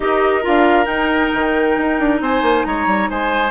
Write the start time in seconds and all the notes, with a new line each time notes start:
0.00 D#4 G4 A#4 D#5
0.42 D4 F4 F5
0.85 D#4 G5
1.33 D#3
1.77 D#4
1.99 D4
2.20 C4 C5 G#5
2.42 A#3
2.65 G#3 C#5 A#5
2.86 G3
3.10 G#3 C5 G#5